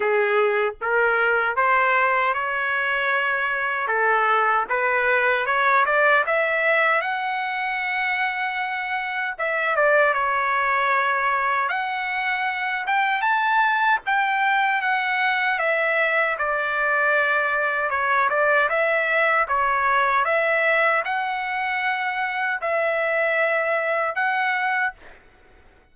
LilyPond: \new Staff \with { instrumentName = "trumpet" } { \time 4/4 \tempo 4 = 77 gis'4 ais'4 c''4 cis''4~ | cis''4 a'4 b'4 cis''8 d''8 | e''4 fis''2. | e''8 d''8 cis''2 fis''4~ |
fis''8 g''8 a''4 g''4 fis''4 | e''4 d''2 cis''8 d''8 | e''4 cis''4 e''4 fis''4~ | fis''4 e''2 fis''4 | }